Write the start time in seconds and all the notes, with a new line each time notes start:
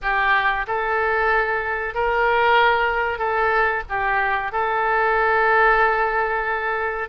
0.01 G4
0.67 A4
1.94 A#4
3.18 A4
3.89 G4
4.52 A4